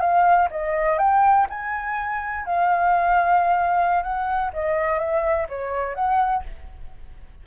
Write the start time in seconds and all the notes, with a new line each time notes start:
0.00 F5
0.51 D#5
0.99 G5
1.50 G#5
2.46 F5
4.03 F#5
4.53 D#5
4.99 E5
5.49 C#5
5.95 F#5